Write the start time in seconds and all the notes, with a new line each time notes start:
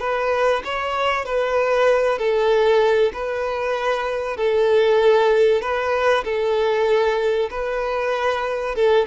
0.00 B4
0.64 C#5
1.25 B4
2.18 A4
3.13 B4
4.37 A4
5.61 B4
6.24 A4
7.50 B4
8.75 A4